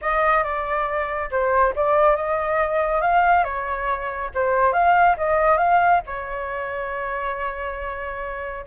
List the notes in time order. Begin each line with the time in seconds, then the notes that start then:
0.01 D#5
0.43 D5
1.30 C5
1.75 D5
2.16 D#5
3.01 F5
3.44 C#5
4.34 C5
4.72 F5
5.17 D#5
5.57 F5
6.06 C#5